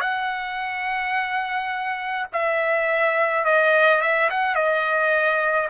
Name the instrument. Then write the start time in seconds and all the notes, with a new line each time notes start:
trumpet
0.00 F#5
2.33 E5
3.45 D#5
4.01 E5
4.30 F#5
4.55 D#5